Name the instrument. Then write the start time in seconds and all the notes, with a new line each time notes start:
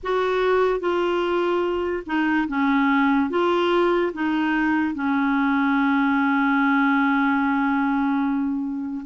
clarinet
0.03 F#4
0.80 F4
2.06 D#4
2.48 C#4
3.30 F4
4.13 D#4
4.94 C#4